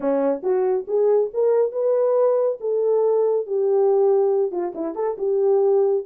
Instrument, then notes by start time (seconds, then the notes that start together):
horn
0.00 C#4
0.42 F#4
0.87 G#4
1.33 A#4
1.72 B4
2.60 A4
3.46 G4
4.51 F4
4.74 E4
4.95 A4
5.18 G4